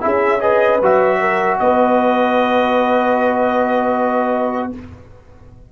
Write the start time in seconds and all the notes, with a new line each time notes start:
0.00 C#4 E4 G#4 E5
0.40 G#4 B4 D#5
0.81 F#3 F#4 E5
1.20 A#4
1.58 B3 B4 D#5